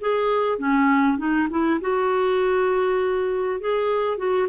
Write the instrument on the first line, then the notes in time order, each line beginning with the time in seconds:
clarinet
0.00 G#4
0.58 C#4
1.18 D#4
1.49 E4
1.81 F#4
3.60 G#4
4.18 F#4